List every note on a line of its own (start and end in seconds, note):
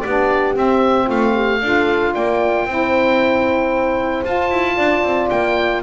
0.00 0.56 B3
0.00 1.05 G4
0.00 0.53 D5
0.07 0.53 D4
0.53 1.58 C4
0.53 1.08 C4
0.53 1.09 E5
1.05 1.62 A3
1.05 1.32 F4
1.05 2.14 F5
1.34 1.60 G4
1.62 2.14 D4
1.62 2.67 F4
1.62 2.14 A4
2.14 2.65 A#3
2.14 2.66 D5
2.14 4.24 G5
2.65 4.23 C4
2.65 4.24 E4
2.65 4.76 C5
4.24 4.50 F4
4.24 5.82 F4
4.24 5.29 A5
4.50 4.77 E4
4.76 5.03 D4
4.76 5.81 D5
5.03 5.29 C4
5.29 5.83 A#3
5.29 5.82 G5